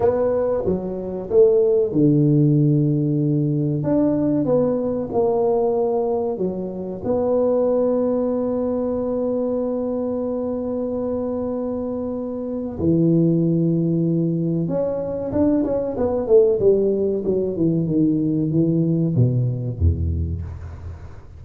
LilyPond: \new Staff \with { instrumentName = "tuba" } { \time 4/4 \tempo 4 = 94 b4 fis4 a4 d4~ | d2 d'4 b4 | ais2 fis4 b4~ | b1~ |
b1 | e2. cis'4 | d'8 cis'8 b8 a8 g4 fis8 e8 | dis4 e4 b,4 e,4 | }